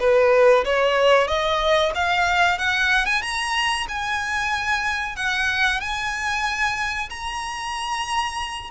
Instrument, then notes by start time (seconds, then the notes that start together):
violin
0.00 B4
0.65 C#5
1.28 D#5
1.95 F5
2.59 F#5
3.06 G#5
3.23 A#5
3.89 G#5
5.16 F#5
5.81 G#5
7.10 A#5